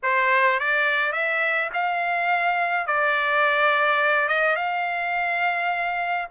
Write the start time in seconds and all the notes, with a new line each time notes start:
0.02 C5
0.59 D5
1.12 E5
1.73 F5
2.86 D5
4.28 D#5
4.56 F5